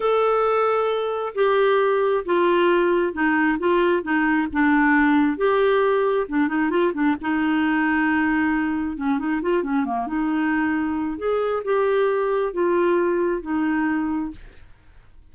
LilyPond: \new Staff \with { instrumentName = "clarinet" } { \time 4/4 \tempo 4 = 134 a'2. g'4~ | g'4 f'2 dis'4 | f'4 dis'4 d'2 | g'2 d'8 dis'8 f'8 d'8 |
dis'1 | cis'8 dis'8 f'8 cis'8 ais8 dis'4.~ | dis'4 gis'4 g'2 | f'2 dis'2 | }